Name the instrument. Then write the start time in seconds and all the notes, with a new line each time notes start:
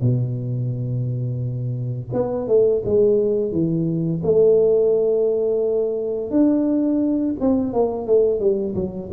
tuba
0.00 B2
2.13 B3
2.47 A3
2.85 G#3
3.51 E3
4.23 A3
6.30 D4
7.40 C4
7.73 A#3
8.06 A3
8.39 G3
8.75 F#3